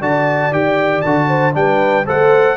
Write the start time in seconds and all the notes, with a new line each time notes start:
0.00 D3 F#4 D5 A5
0.51 D#3 G4 G5
1.01 D3 F#4 A5
1.28 C5
1.52 G3 D4 B4 G5
2.06 A3 A4 C5 F#5